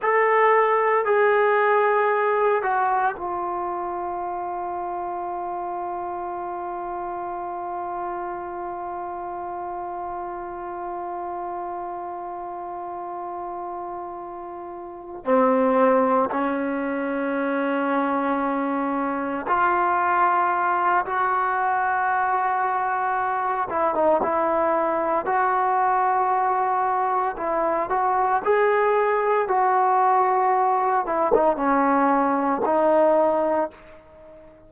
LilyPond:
\new Staff \with { instrumentName = "trombone" } { \time 4/4 \tempo 4 = 57 a'4 gis'4. fis'8 f'4~ | f'1~ | f'1~ | f'2~ f'8 c'4 cis'8~ |
cis'2~ cis'8 f'4. | fis'2~ fis'8 e'16 dis'16 e'4 | fis'2 e'8 fis'8 gis'4 | fis'4. e'16 dis'16 cis'4 dis'4 | }